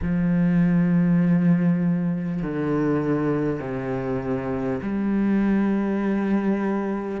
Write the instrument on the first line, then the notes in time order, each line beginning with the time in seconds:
cello
0.02 F3
2.42 D3
3.59 C3
4.82 G3